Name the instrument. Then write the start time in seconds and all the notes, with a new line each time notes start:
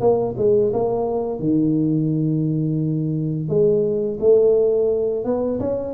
tuba
0.00 A#3
0.37 G#3
0.73 A#3
1.39 D#3
3.48 G#3
4.20 A3
5.25 B3
5.60 C#4